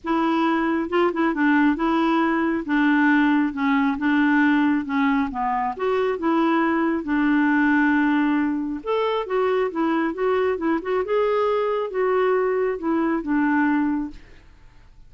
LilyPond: \new Staff \with { instrumentName = "clarinet" } { \time 4/4 \tempo 4 = 136 e'2 f'8 e'8 d'4 | e'2 d'2 | cis'4 d'2 cis'4 | b4 fis'4 e'2 |
d'1 | a'4 fis'4 e'4 fis'4 | e'8 fis'8 gis'2 fis'4~ | fis'4 e'4 d'2 | }